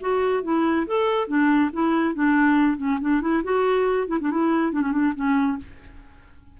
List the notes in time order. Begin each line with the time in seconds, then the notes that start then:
0.00 F#4
0.43 E4
0.86 A4
1.27 D4
1.73 E4
2.14 D4
2.77 C#4
3.01 D4
3.21 E4
3.43 F#4
4.08 E4
4.20 D4
4.30 E4
4.72 D4
4.81 C#4
4.92 D4
5.15 C#4